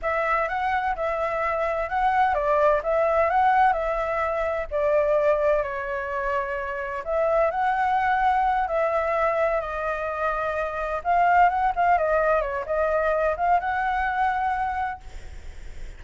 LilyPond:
\new Staff \with { instrumentName = "flute" } { \time 4/4 \tempo 4 = 128 e''4 fis''4 e''2 | fis''4 d''4 e''4 fis''4 | e''2 d''2 | cis''2. e''4 |
fis''2~ fis''8 e''4.~ | e''8 dis''2. f''8~ | f''8 fis''8 f''8 dis''4 cis''8 dis''4~ | dis''8 f''8 fis''2. | }